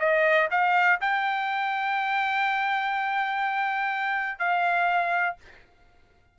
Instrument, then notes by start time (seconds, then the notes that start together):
trumpet
0.00 D#5
0.51 F5
1.01 G5
4.39 F5